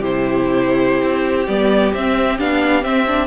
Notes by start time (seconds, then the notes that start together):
0.00 C3 E4 G4 C5
1.02 C4
1.48 G3 B3 D5
1.94 C4 E5
2.39 B3 D4 F5
2.82 C4 E5
3.07 D4